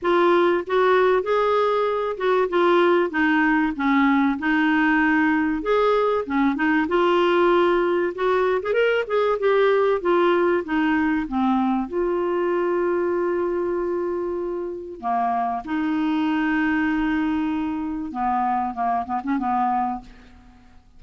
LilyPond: \new Staff \with { instrumentName = "clarinet" } { \time 4/4 \tempo 4 = 96 f'4 fis'4 gis'4. fis'8 | f'4 dis'4 cis'4 dis'4~ | dis'4 gis'4 cis'8 dis'8 f'4~ | f'4 fis'8. gis'16 ais'8 gis'8 g'4 |
f'4 dis'4 c'4 f'4~ | f'1 | ais4 dis'2.~ | dis'4 b4 ais8 b16 cis'16 b4 | }